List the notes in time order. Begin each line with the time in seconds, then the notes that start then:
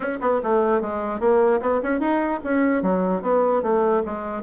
0.00 C#4
0.20 B3
0.43 A3
0.81 G#3
1.20 A#3
1.60 B3
1.82 C#4
1.99 D#4
2.44 C#4
2.82 F#3
3.22 B3
3.62 A3
4.05 G#3